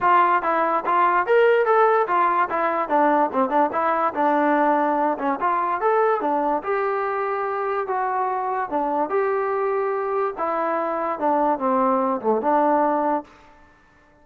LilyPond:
\new Staff \with { instrumentName = "trombone" } { \time 4/4 \tempo 4 = 145 f'4 e'4 f'4 ais'4 | a'4 f'4 e'4 d'4 | c'8 d'8 e'4 d'2~ | d'8 cis'8 f'4 a'4 d'4 |
g'2. fis'4~ | fis'4 d'4 g'2~ | g'4 e'2 d'4 | c'4. a8 d'2 | }